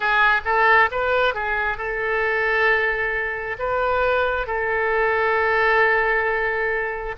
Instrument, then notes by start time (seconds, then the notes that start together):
oboe
0.00 G#4
0.45 A4
0.91 B4
1.34 G#4
1.77 A4
3.58 B4
4.47 A4